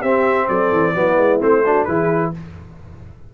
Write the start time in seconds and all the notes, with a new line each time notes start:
0.00 C4 G4 E5
0.48 F#3 A4 D5
0.72 E3
0.94 F#3 B3 E4
1.17 G#3
1.40 A3 C4 C5
1.65 D4 F#4
1.84 E3 E4 G#4 B4